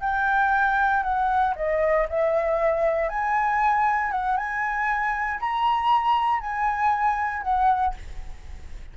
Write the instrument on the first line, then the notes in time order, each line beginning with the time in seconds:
flute
0.00 G5
1.02 F#5
1.55 D#5
2.08 E5
3.09 G#5
4.11 F#5
4.37 G#5
5.40 A#5
6.40 G#5
7.42 F#5